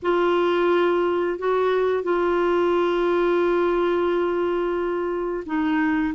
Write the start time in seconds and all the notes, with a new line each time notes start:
0.02 F4
1.38 F#4
2.03 F4
5.45 D#4